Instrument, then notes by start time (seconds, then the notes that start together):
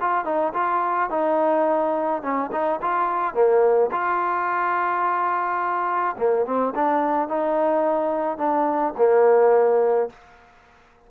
trombone
0.00 F4
0.25 D#4
0.54 F4
1.10 D#4
2.22 C#4
2.52 D#4
2.81 F4
3.34 A#3
3.92 F4
6.17 A#3
6.46 C4
6.75 D4
7.28 D#4
8.38 D4
8.97 A#3